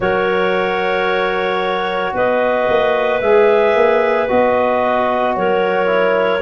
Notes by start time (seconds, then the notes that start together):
0.00 F#3 F#4 A#4 C#5
2.13 B3 B4 D#5
2.68 A#3
3.20 G#3 G#4 E5
3.75 A#3
4.28 B3 F#4 D#5
5.35 F#3 A#4 C#5
5.86 E4